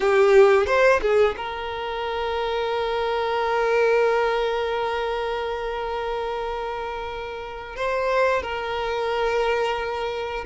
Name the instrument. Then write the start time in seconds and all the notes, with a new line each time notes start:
violin
0.00 G4
0.66 C5
1.01 G#4
1.36 A#4
7.76 C5
8.42 A#4